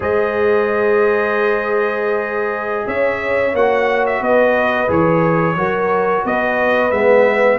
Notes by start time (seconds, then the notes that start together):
0.00 G#3 G#4 C5 D#5
2.86 C#4 C#5 E5
3.53 A#3 F#4 F#5
4.06 E5
4.21 B3 B4 D#5
4.87 E3 G#4 C#5
5.55 F#3 F#4 A#4
6.24 B3 B4 D#5
6.91 G#3 B3 E5